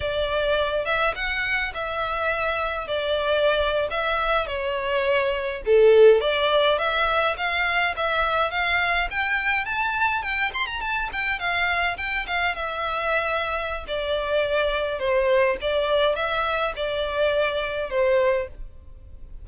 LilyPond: \new Staff \with { instrumentName = "violin" } { \time 4/4 \tempo 4 = 104 d''4. e''8 fis''4 e''4~ | e''4 d''4.~ d''16 e''4 cis''16~ | cis''4.~ cis''16 a'4 d''4 e''16~ | e''8. f''4 e''4 f''4 g''16~ |
g''8. a''4 g''8 c'''16 ais''16 a''8 g''8 f''16~ | f''8. g''8 f''8 e''2~ e''16 | d''2 c''4 d''4 | e''4 d''2 c''4 | }